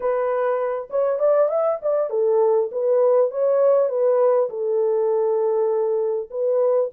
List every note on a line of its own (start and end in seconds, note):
0.00 0.88 B4
0.90 1.19 C#5
1.19 1.48 D5
1.48 1.78 E5
1.82 2.10 D5
2.10 2.70 A4
2.71 3.30 B4
3.30 3.89 C#5
3.89 4.49 B4
4.49 6.29 A4
6.30 6.90 B4